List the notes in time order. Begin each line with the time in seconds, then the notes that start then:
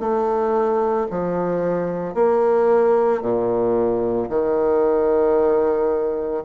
0.00 A3
1.11 F3
2.15 A#3
3.22 A#2
4.30 D#3